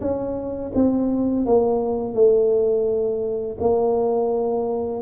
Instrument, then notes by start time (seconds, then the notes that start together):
tuba
0.00 C#4
0.74 C4
1.45 A#3
2.14 A3
3.60 A#3